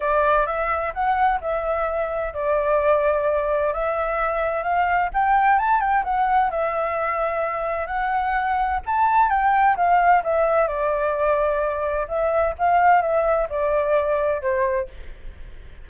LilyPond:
\new Staff \with { instrumentName = "flute" } { \time 4/4 \tempo 4 = 129 d''4 e''4 fis''4 e''4~ | e''4 d''2. | e''2 f''4 g''4 | a''8 g''8 fis''4 e''2~ |
e''4 fis''2 a''4 | g''4 f''4 e''4 d''4~ | d''2 e''4 f''4 | e''4 d''2 c''4 | }